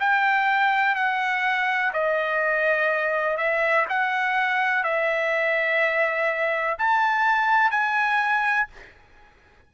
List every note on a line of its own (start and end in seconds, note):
0.00 0.95 G5
0.95 1.92 F#5
1.94 3.37 D#5
3.37 3.86 E5
3.90 4.84 F#5
4.84 6.77 E5
6.79 7.71 A5
7.71 8.68 G#5